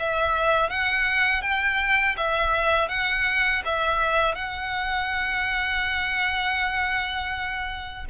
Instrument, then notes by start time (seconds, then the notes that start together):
violin
0.00 E5
0.70 F#5
1.42 G5
2.17 E5
2.89 F#5
3.65 E5
4.36 F#5